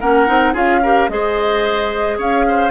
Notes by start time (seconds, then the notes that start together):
0.00 A#3 C#4 A#4 F#5
0.27 C4 D#4
0.53 C#4 F4 G#4 F5
0.83 G4 A#4
1.09 G#3 G#4 C5 D#5
2.18 C#4 C#5 F5
2.48 C5